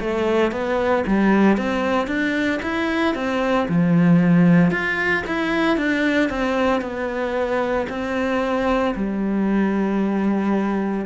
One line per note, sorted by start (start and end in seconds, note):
0.00 0.51 A3
0.51 1.04 B3
1.07 1.57 G3
1.57 2.07 C4
2.07 2.60 D4
2.62 3.14 E4
3.14 3.67 C4
3.68 4.71 F3
4.71 5.23 F4
5.27 5.77 E4
5.77 6.30 D4
6.30 6.81 C4
6.81 7.87 B3
7.89 8.94 C4
8.95 11.06 G3